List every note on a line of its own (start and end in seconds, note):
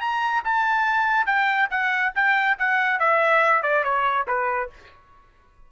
0.00 0.43 A#5
0.44 1.26 A5
1.26 1.68 G5
1.70 2.12 F#5
2.15 2.57 G5
2.58 2.99 F#5
2.99 3.62 E5
3.62 3.83 D5
3.83 4.26 C#5
4.27 4.69 B4